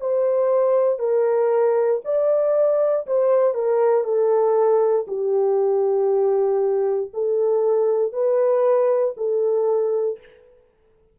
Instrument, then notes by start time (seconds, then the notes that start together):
horn
0.00 C5
0.99 A#4
2.04 D5
3.06 C5
3.54 A#4
4.04 A4
5.08 G4
7.13 A4
8.12 B4
9.17 A4